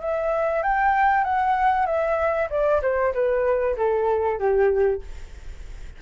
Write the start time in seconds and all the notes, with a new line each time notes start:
0.00 E5
0.62 G5
1.24 F#5
1.86 E5
2.50 D5
2.82 C5
3.13 B4
3.77 A4
4.39 G4